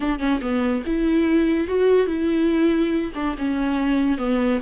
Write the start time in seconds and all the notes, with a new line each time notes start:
0.00 D4
0.19 C#4
0.41 B3
0.86 E4
1.67 F#4
2.06 E4
3.14 D4
3.37 C#4
4.17 B3